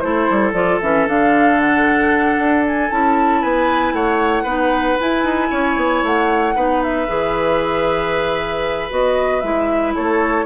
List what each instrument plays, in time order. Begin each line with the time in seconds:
0.00 bassoon A3, clarinet E4, oboe A4, flute C5
0.30 bassoon G3
0.53 bassoon F3, clarinet F4, flute D5
0.82 bassoon E3, clarinet C#4, flute E5
1.08 bassoon D3, clarinet D4, flute F5
1.61 flute F#5
2.39 bassoon D4
2.67 flute G#5
2.91 bassoon C#4, clarinet E4, flute A5
3.42 bassoon B3, oboe B4, flute G#5
3.93 bassoon A3, oboe C#5, flute F#5
4.44 bassoon B3, clarinet D#4, oboe B4
5.00 clarinet E4, bassoon E4, flute G#5
5.24 bassoon D#4
5.51 bassoon C#4, oboe C#5
5.77 bassoon B3
6.04 bassoon A3, flute F#5
6.55 bassoon B3, clarinet D#4, oboe B4
6.83 flute E5
7.08 bassoon E3, clarinet G#4
8.90 bassoon B3, clarinet F#4, flute D#5
9.41 bassoon G#3, clarinet E4, flute E5
9.95 bassoon A3, oboe A4, flute C#5